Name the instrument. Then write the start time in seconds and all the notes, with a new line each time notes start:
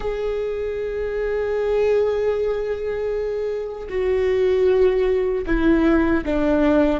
viola
0.00 G#4
3.89 F#4
5.46 E4
6.25 D4